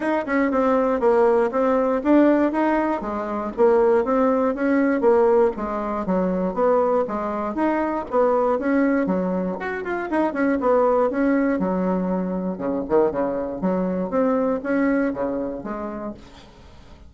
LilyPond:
\new Staff \with { instrumentName = "bassoon" } { \time 4/4 \tempo 4 = 119 dis'8 cis'8 c'4 ais4 c'4 | d'4 dis'4 gis4 ais4 | c'4 cis'4 ais4 gis4 | fis4 b4 gis4 dis'4 |
b4 cis'4 fis4 fis'8 f'8 | dis'8 cis'8 b4 cis'4 fis4~ | fis4 cis8 dis8 cis4 fis4 | c'4 cis'4 cis4 gis4 | }